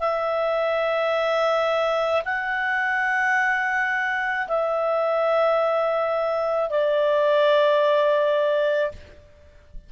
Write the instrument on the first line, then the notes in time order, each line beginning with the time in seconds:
clarinet
0.00 E5
2.25 F#5
4.47 E5
6.70 D5